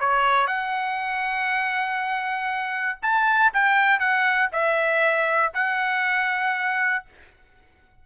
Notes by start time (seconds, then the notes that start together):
0.00 C#5
0.47 F#5
3.03 A5
3.54 G5
3.99 F#5
4.52 E5
5.54 F#5